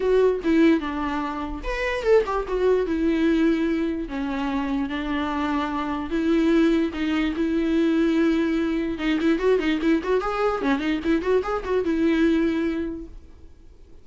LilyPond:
\new Staff \with { instrumentName = "viola" } { \time 4/4 \tempo 4 = 147 fis'4 e'4 d'2 | b'4 a'8 g'8 fis'4 e'4~ | e'2 cis'2 | d'2. e'4~ |
e'4 dis'4 e'2~ | e'2 dis'8 e'8 fis'8 dis'8 | e'8 fis'8 gis'4 cis'8 dis'8 e'8 fis'8 | gis'8 fis'8 e'2. | }